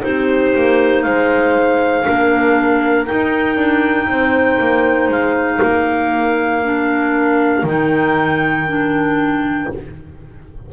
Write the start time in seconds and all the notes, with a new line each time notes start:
0.00 C4 D#4 G4 C5
0.55 A#3
1.02 G#3 C5 F5
2.04 A#3 D4 A#4
3.06 D#4 G5
3.56 D4
4.07 C4 C5
4.59 A#3
5.09 G#3 F5
5.58 A#3 A#4
6.64 D4
7.63 D#3 D#4
7.69 G5
8.68 D4